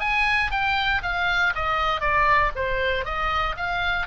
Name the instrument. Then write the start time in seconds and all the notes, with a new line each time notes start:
oboe
0.00 G#5
0.51 G5
1.02 F5
1.55 D#5
2.00 D5
2.55 C5
3.05 D#5
3.56 F5